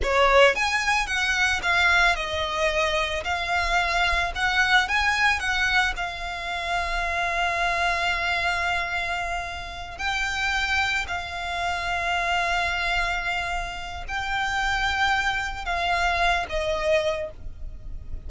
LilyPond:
\new Staff \with { instrumentName = "violin" } { \time 4/4 \tempo 4 = 111 cis''4 gis''4 fis''4 f''4 | dis''2 f''2 | fis''4 gis''4 fis''4 f''4~ | f''1~ |
f''2~ f''8 g''4.~ | g''8 f''2.~ f''8~ | f''2 g''2~ | g''4 f''4. dis''4. | }